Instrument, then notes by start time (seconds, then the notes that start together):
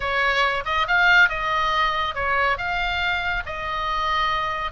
oboe
0.00 C#5
0.65 D#5
0.87 F5
1.29 D#5
2.14 C#5
2.57 F5
3.46 D#5